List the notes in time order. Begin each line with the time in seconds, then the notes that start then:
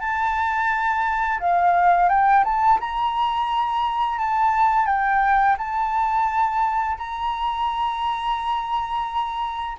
0.00 A5
1.40 F5
2.09 G5
2.44 A5
2.81 A#5
4.19 A5
4.86 G5
5.58 A5
6.98 A#5